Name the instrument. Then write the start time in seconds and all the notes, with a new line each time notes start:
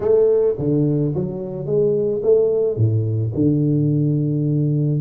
tuba
0.00 A3
0.58 D3
1.14 F#3
1.65 G#3
2.22 A3
2.76 A2
3.34 D3